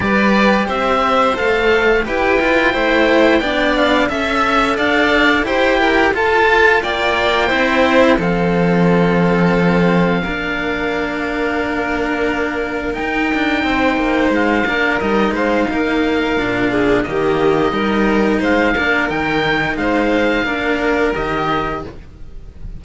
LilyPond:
<<
  \new Staff \with { instrumentName = "oboe" } { \time 4/4 \tempo 4 = 88 d''4 e''4 f''4 g''4~ | g''4. f''8 e''4 f''4 | g''4 a''4 g''2 | f''1~ |
f''2. g''4~ | g''4 f''4 dis''8 f''4.~ | f''4 dis''2 f''4 | g''4 f''2 dis''4 | }
  \new Staff \with { instrumentName = "violin" } { \time 4/4 b'4 c''2 b'4 | c''4 d''4 e''4 d''4 | c''8 ais'8 a'4 d''4 c''4 | a'2. ais'4~ |
ais'1 | c''4. ais'4 c''8 ais'4~ | ais'8 gis'8 g'4 ais'4 c''8 ais'8~ | ais'4 c''4 ais'2 | }
  \new Staff \with { instrumentName = "cello" } { \time 4/4 g'2 a'4 g'8 f'8 | e'4 d'4 a'2 | g'4 f'2 e'4 | c'2. d'4~ |
d'2. dis'4~ | dis'4. d'8 dis'2 | d'4 ais4 dis'4. d'8 | dis'2 d'4 g'4 | }
  \new Staff \with { instrumentName = "cello" } { \time 4/4 g4 c'4 a4 e'4 | a4 b4 cis'4 d'4 | e'4 f'4 ais4 c'4 | f2. ais4~ |
ais2. dis'8 d'8 | c'8 ais8 gis8 ais8 g8 gis8 ais4 | ais,4 dis4 g4 gis8 ais8 | dis4 gis4 ais4 dis4 | }
>>